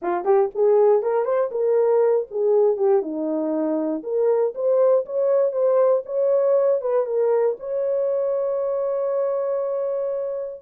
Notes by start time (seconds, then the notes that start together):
0.01 F4
0.24 G4
0.54 G#4
1.02 A#4
1.24 C5
1.51 A#4
2.30 G#4
2.76 G4
3.01 D#4
4.03 A#4
4.54 C5
5.05 C#5
5.51 C5
6.05 C#5
6.81 B4
7.05 A#4
7.59 C#5